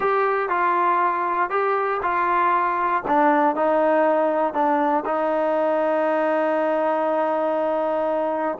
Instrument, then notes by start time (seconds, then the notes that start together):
trombone
0.00 G4
0.49 F4
1.50 G4
2.02 F4
3.07 D4
3.55 D#4
4.53 D4
5.05 D#4